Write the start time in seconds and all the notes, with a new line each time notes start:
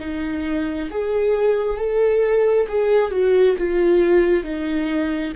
0.00 D#4
0.91 G#4
1.78 A4
2.69 G#4
3.12 F#4
3.59 F4
4.44 D#4